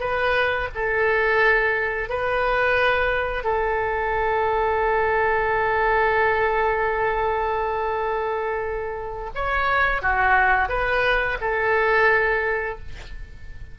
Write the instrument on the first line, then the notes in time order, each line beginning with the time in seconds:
oboe
0.00 B4
0.75 A4
2.09 B4
3.44 A4
9.35 C#5
10.02 F#4
10.69 B4
11.41 A4